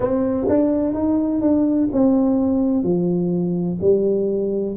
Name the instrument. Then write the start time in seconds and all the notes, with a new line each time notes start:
tuba
0.00 C4
0.48 D4
0.94 D#4
1.41 D4
1.92 C4
2.83 F3
3.81 G3